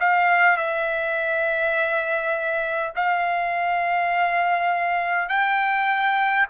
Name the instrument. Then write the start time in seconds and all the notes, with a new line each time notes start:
trumpet
0.00 F5
0.57 E5
2.95 F5
5.29 G5